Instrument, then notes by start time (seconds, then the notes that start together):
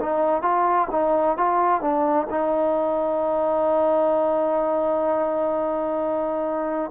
trombone
0.00 D#4
0.42 F4
0.91 D#4
1.38 F4
1.81 D4
2.30 D#4